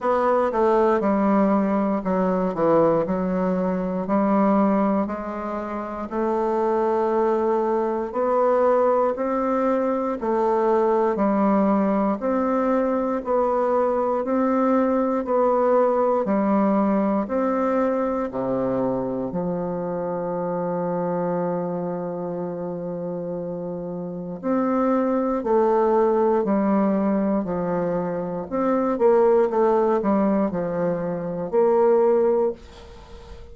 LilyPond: \new Staff \with { instrumentName = "bassoon" } { \time 4/4 \tempo 4 = 59 b8 a8 g4 fis8 e8 fis4 | g4 gis4 a2 | b4 c'4 a4 g4 | c'4 b4 c'4 b4 |
g4 c'4 c4 f4~ | f1 | c'4 a4 g4 f4 | c'8 ais8 a8 g8 f4 ais4 | }